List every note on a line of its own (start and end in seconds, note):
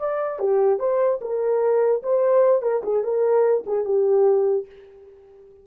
0.00 0.40 D5
0.40 0.80 G4
0.80 1.20 C5
1.22 2.03 A#4
2.03 2.62 C5
2.62 2.83 A#4
2.84 3.04 G#4
3.04 3.65 A#4
3.67 3.85 G#4
3.85 4.66 G4